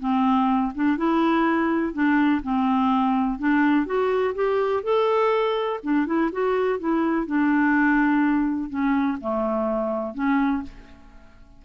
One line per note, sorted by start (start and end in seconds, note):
0.00 0.73 C4
0.75 0.97 D4
0.97 1.94 E4
1.94 2.42 D4
2.43 3.39 C4
3.39 3.86 D4
3.86 4.35 F#4
4.35 4.83 G4
4.83 5.80 A4
5.84 6.07 D4
6.07 6.31 E4
6.32 6.80 F#4
6.80 7.27 E4
7.27 8.70 D4
8.70 9.18 C#4
9.21 10.15 A3
10.15 10.63 C#4